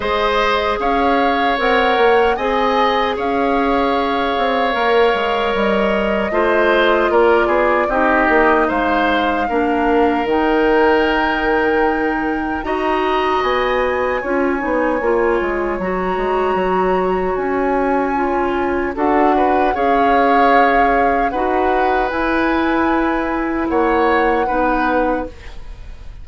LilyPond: <<
  \new Staff \with { instrumentName = "flute" } { \time 4/4 \tempo 4 = 76 dis''4 f''4 fis''4 gis''4 | f''2. dis''4~ | dis''4 d''4 dis''4 f''4~ | f''4 g''2. |
ais''4 gis''2. | ais''2 gis''2 | fis''4 f''2 fis''4 | gis''2 fis''2 | }
  \new Staff \with { instrumentName = "oboe" } { \time 4/4 c''4 cis''2 dis''4 | cis''1 | c''4 ais'8 gis'8 g'4 c''4 | ais'1 |
dis''2 cis''2~ | cis''1 | a'8 b'8 cis''2 b'4~ | b'2 cis''4 b'4 | }
  \new Staff \with { instrumentName = "clarinet" } { \time 4/4 gis'2 ais'4 gis'4~ | gis'2 ais'2 | f'2 dis'2 | d'4 dis'2. |
fis'2 f'8 dis'8 f'4 | fis'2. f'4 | fis'4 gis'2 fis'4 | e'2. dis'4 | }
  \new Staff \with { instrumentName = "bassoon" } { \time 4/4 gis4 cis'4 c'8 ais8 c'4 | cis'4. c'8 ais8 gis8 g4 | a4 ais8 b8 c'8 ais8 gis4 | ais4 dis2. |
dis'4 b4 cis'8 b8 ais8 gis8 | fis8 gis8 fis4 cis'2 | d'4 cis'2 dis'4 | e'2 ais4 b4 | }
>>